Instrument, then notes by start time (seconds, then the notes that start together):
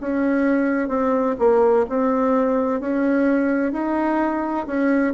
bassoon
0.00 C#4
0.88 C4
1.38 A#3
1.89 C4
2.80 C#4
3.72 D#4
4.67 C#4